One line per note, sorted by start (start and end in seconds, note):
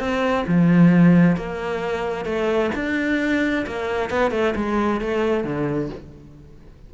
0.00 0.45 C4
0.47 1.37 F3
1.37 2.25 A#3
2.25 2.71 A3
2.75 3.66 D4
3.67 4.10 A#3
4.10 4.31 B3
4.31 4.54 A3
4.56 5.01 G#3
5.01 5.44 A3
5.44 5.90 D3